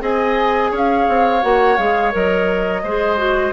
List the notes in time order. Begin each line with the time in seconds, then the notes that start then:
0.00 C4 G#4 D#5 G#5
0.71 C#4 C#5
0.77 F5
1.08 C4
1.42 A#3 F#4 F#5
1.77 G#3 G#4 F5
2.11 F#3 A#4 D#5
2.83 G#3 G#4 C5
3.17 F#4